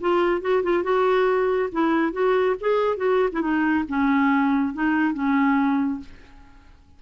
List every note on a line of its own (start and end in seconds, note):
0.00 0.41 F4
0.41 0.63 F#4
0.63 0.83 F4
0.83 1.69 F#4
1.72 2.12 E4
2.12 2.55 F#4
2.60 2.96 G#4
2.96 3.29 F#4
3.32 3.41 E4
3.41 3.84 D#4
3.88 4.73 C#4
4.73 5.13 D#4
5.13 6.00 C#4